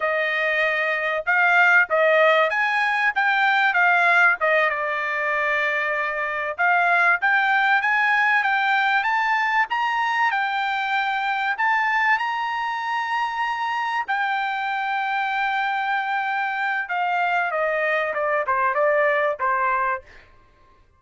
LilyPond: \new Staff \with { instrumentName = "trumpet" } { \time 4/4 \tempo 4 = 96 dis''2 f''4 dis''4 | gis''4 g''4 f''4 dis''8 d''8~ | d''2~ d''8 f''4 g''8~ | g''8 gis''4 g''4 a''4 ais''8~ |
ais''8 g''2 a''4 ais''8~ | ais''2~ ais''8 g''4.~ | g''2. f''4 | dis''4 d''8 c''8 d''4 c''4 | }